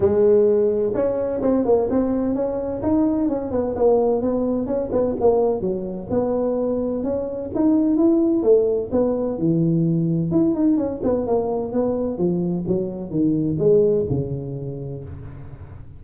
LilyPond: \new Staff \with { instrumentName = "tuba" } { \time 4/4 \tempo 4 = 128 gis2 cis'4 c'8 ais8 | c'4 cis'4 dis'4 cis'8 b8 | ais4 b4 cis'8 b8 ais4 | fis4 b2 cis'4 |
dis'4 e'4 a4 b4 | e2 e'8 dis'8 cis'8 b8 | ais4 b4 f4 fis4 | dis4 gis4 cis2 | }